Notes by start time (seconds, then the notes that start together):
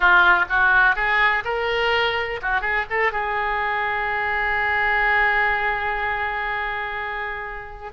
0.00 F4
0.49 F#4
0.95 G#4
1.44 A#4
2.42 F#4
2.61 G#4
2.90 A4
3.12 G#4